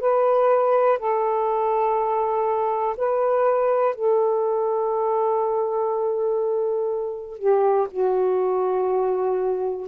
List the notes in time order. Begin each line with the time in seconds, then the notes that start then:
0.00 B4
0.98 A4
2.96 B4
3.95 A4
7.38 G4
7.90 F#4